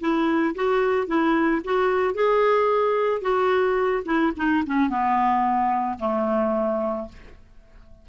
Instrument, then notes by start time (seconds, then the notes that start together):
clarinet
0.00 E4
0.55 F#4
1.07 E4
1.64 F#4
2.14 G#4
3.21 F#4
4.05 E4
4.36 D#4
4.66 C#4
4.89 B3
5.99 A3